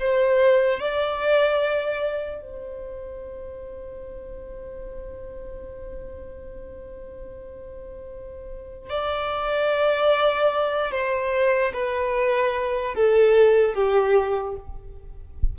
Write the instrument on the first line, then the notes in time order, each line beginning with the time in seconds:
violin
0.00 C5
0.80 D5
2.42 C5
8.90 D5
10.92 C5
11.73 B4
12.95 A4
13.75 G4